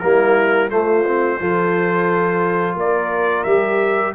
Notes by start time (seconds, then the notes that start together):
0.00 G3 A#3 E4 A#4
0.70 A3 F4 C5
1.06 C4
1.40 F3 F4 A4
2.75 A#3 A#4 D5
3.44 G3 G4 E5